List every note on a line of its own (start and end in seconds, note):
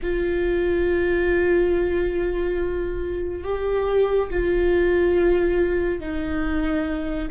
0.02 3.44 F4
3.44 4.29 G4
4.29 6.00 F4
6.00 7.28 D#4